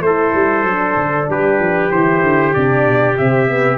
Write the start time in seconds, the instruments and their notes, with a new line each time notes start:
0.00 tuba A3, horn E4, trumpet A4 C5
0.34 tuba G3
0.63 tuba F#3, horn D4
0.95 tuba D3
1.29 tuba G3, trumpet G4 B4
1.59 tuba F3
1.91 tuba E3, horn E4, trumpet C5
2.22 tuba D3
2.53 tuba C3, horn D4, trumpet D5
2.87 tuba B2
3.17 tuba C3, horn C4, trumpet E5
3.47 horn B3